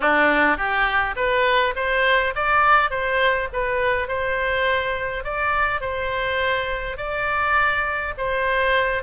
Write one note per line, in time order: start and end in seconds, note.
0.00 0.57 D4
0.57 1.15 G4
1.16 1.74 B4
1.75 2.34 C5
2.35 2.90 D5
2.90 3.48 C5
3.52 4.08 B4
4.08 5.24 C5
5.24 5.80 D5
5.80 6.97 C5
6.97 8.13 D5
8.17 9.02 C5